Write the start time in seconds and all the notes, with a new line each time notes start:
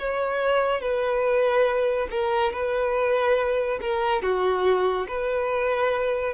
0.00 C#5
0.82 B4
2.11 A#4
2.53 B4
3.82 A#4
4.23 F#4
5.09 B4